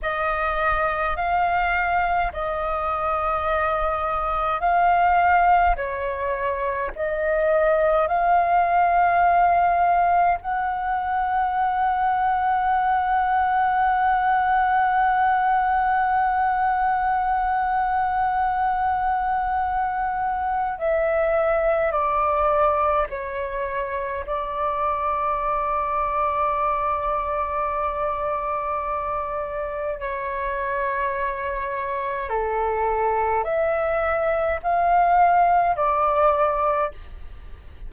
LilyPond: \new Staff \with { instrumentName = "flute" } { \time 4/4 \tempo 4 = 52 dis''4 f''4 dis''2 | f''4 cis''4 dis''4 f''4~ | f''4 fis''2.~ | fis''1~ |
fis''2 e''4 d''4 | cis''4 d''2.~ | d''2 cis''2 | a'4 e''4 f''4 d''4 | }